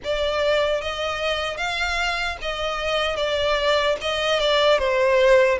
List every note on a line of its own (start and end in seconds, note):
0.04 0.81 D5
0.81 1.57 D#5
1.57 2.37 F5
2.41 3.16 D#5
3.16 3.96 D5
4.01 4.39 D#5
4.39 4.78 D5
4.78 5.58 C5